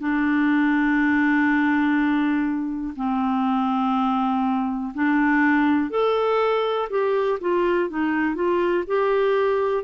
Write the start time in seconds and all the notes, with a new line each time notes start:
0.00 D4
2.97 C4
4.95 D4
5.91 A4
6.90 G4
7.41 F4
7.90 D#4
8.36 F4
8.87 G4